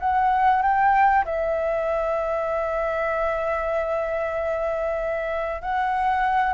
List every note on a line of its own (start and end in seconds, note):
0.00 0.62 F#5
0.62 1.25 G5
1.25 5.62 E5
5.62 6.54 F#5